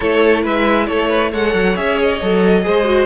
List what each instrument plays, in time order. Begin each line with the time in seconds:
0.00 cello A3, viola E4, violin A4 C#5
0.42 cello G#3, violin B4 E5
0.86 cello A3, violin A4 C#5
1.08 violin B4
1.31 cello G#3, viola A4, violin C#5 F#5
1.53 cello F#3
1.76 cello C#4, viola G#4, violin E5
2.02 violin D#5
2.21 cello F#3, viola A4
2.62 cello G#3, viola G#4, violin C5
2.84 viola F#4